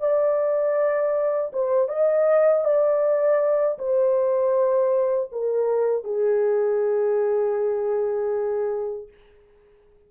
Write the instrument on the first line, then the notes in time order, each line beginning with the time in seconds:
horn
0.00 D5
1.53 C5
1.89 D#5
2.64 D5
3.79 C5
5.32 A#4
6.04 G#4